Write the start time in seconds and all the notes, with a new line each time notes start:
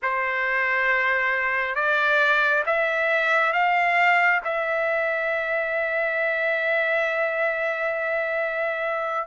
0.02 C5
1.75 D5
2.66 E5
3.52 F5
4.44 E5